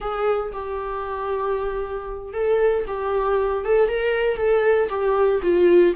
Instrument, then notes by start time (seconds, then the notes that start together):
viola
0.00 G#4
0.53 G4
2.33 A4
2.87 G4
3.64 A4
3.88 A#4
4.37 A4
4.89 G4
5.42 F4